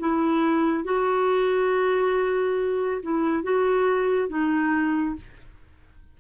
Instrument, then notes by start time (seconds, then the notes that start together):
clarinet
0.00 E4
0.85 F#4
3.03 E4
3.43 F#4
4.29 D#4